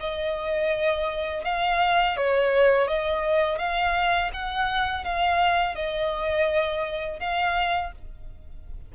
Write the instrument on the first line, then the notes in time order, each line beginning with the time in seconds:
violin
0.00 D#5
1.45 F5
2.17 C#5
2.88 D#5
3.58 F5
4.33 F#5
5.04 F5
5.75 D#5
7.20 F5